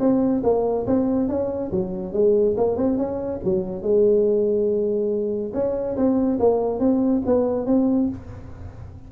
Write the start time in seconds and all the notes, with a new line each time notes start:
0.00 C4
0.44 A#3
0.87 C4
1.29 C#4
1.72 F#3
2.14 G#3
2.57 A#3
2.77 C4
2.98 C#4
3.44 F#3
3.83 G#3
5.54 C#4
5.97 C4
6.40 A#3
6.80 C4
7.26 B3
7.67 C4